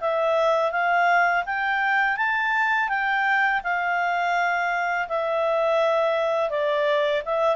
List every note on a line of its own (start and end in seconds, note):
0.00 0.72 E5
0.72 1.44 F5
1.46 2.17 G5
2.17 2.89 A5
2.89 3.61 G5
3.63 5.08 F5
5.08 6.50 E5
6.50 7.22 D5
7.25 7.56 E5